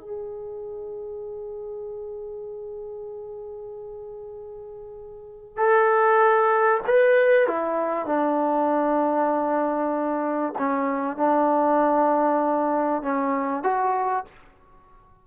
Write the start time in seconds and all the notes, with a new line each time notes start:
0.00 G#4
5.57 A4
6.86 B4
7.47 E4
8.06 D4
10.58 C#4
11.16 D4
13.02 C#4
13.63 F#4